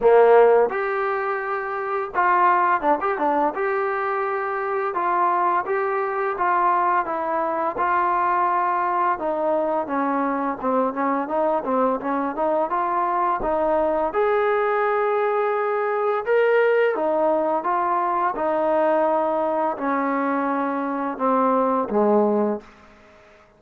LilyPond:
\new Staff \with { instrumentName = "trombone" } { \time 4/4 \tempo 4 = 85 ais4 g'2 f'4 | d'16 g'16 d'8 g'2 f'4 | g'4 f'4 e'4 f'4~ | f'4 dis'4 cis'4 c'8 cis'8 |
dis'8 c'8 cis'8 dis'8 f'4 dis'4 | gis'2. ais'4 | dis'4 f'4 dis'2 | cis'2 c'4 gis4 | }